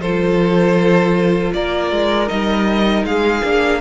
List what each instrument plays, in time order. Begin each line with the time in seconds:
0.00 cello F3, viola F4, violin A4 C5
1.53 cello A#3, violin A#4 D5
1.91 cello G#3
2.28 cello G3, viola D#4, violin D#5
3.04 cello G#3, violin G#4 F5
3.44 cello A#3, viola D4